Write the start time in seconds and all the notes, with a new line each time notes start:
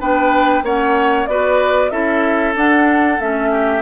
0.00 B3 D4 B4 G5
0.63 A#3 C#4 C#5 F#5
1.27 B3 F#4 B4 D5
1.90 C#4 E4 A4 E5
2.55 D4 F#5
3.20 A3 C#4 E5
3.51 G4